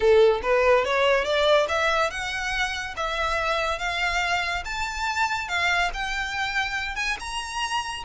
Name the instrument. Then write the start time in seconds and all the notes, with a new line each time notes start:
violin
0.00 A4
0.42 B4
0.85 C#5
1.24 D5
1.68 E5
2.10 F#5
2.96 E5
3.79 F5
4.64 A5
5.48 F5
5.93 G5
6.95 G#5
7.19 A#5